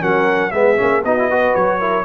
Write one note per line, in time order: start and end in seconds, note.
0.00 0.53 F#3
0.00 0.51 C#4
0.00 0.52 A#4
0.00 0.51 F#5
0.51 0.78 G#3
0.51 0.76 B3
0.51 1.05 G#4
0.51 1.01 E5
0.76 1.04 A#3
0.76 1.02 C#4
1.04 1.55 B3
1.04 1.18 D#4
1.04 1.29 F#4
1.04 1.55 D#5
1.18 1.30 E4
1.29 1.80 F#4
1.29 1.79 B4
1.55 2.04 F#3
1.55 2.04 C#5
1.79 2.04 E4
1.79 2.04 A#4